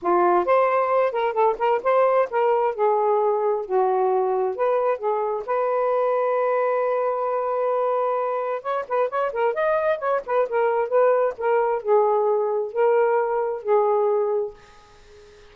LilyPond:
\new Staff \with { instrumentName = "saxophone" } { \time 4/4 \tempo 4 = 132 f'4 c''4. ais'8 a'8 ais'8 | c''4 ais'4 gis'2 | fis'2 b'4 gis'4 | b'1~ |
b'2. cis''8 b'8 | cis''8 ais'8 dis''4 cis''8 b'8 ais'4 | b'4 ais'4 gis'2 | ais'2 gis'2 | }